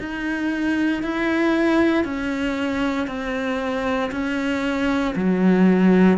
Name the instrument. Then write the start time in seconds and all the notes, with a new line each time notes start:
cello
0.00 D#4
1.03 E4
2.05 C#4
3.08 C4
4.12 C#4
5.16 F#3